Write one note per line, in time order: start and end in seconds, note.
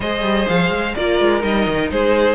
0.00 0.22 G#3
0.00 0.97 G#4
0.00 0.95 C5
0.00 0.47 D#5
0.22 0.45 G3
0.47 0.70 F3
0.47 0.95 F5
0.70 0.94 G#3
0.95 1.20 A#3
0.95 1.40 F4
0.95 1.91 A#4
0.95 1.42 D5
1.20 1.43 G#3
1.40 1.66 G3
1.40 2.34 D#4
1.40 1.90 D#5
1.66 1.90 D#3
1.90 2.34 G#3
1.90 2.34 G#4
1.90 2.34 C5